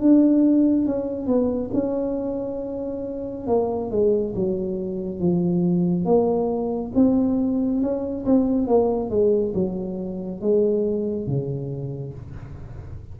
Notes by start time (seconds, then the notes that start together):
0.00 D4
0.85 C#4
1.26 B3
1.73 C#4
3.47 A#3
3.91 G#3
4.36 F#3
5.20 F3
6.05 A#3
6.94 C4
7.81 C#4
8.25 C4
8.67 A#3
9.09 G#3
9.54 F#3
10.41 G#3
11.27 C#3